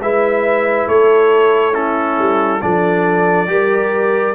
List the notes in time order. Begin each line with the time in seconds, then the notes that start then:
0.00 G#3 E4 B4 E5
0.88 A3 A4 C#5
1.74 C#4 E4 A4
2.19 G3
2.62 F3 D4 A4 D5
3.47 G3 G4 A#4